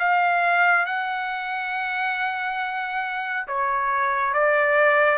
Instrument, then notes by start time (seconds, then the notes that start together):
trumpet
0.00 F5
0.86 F#5
3.48 C#5
4.34 D5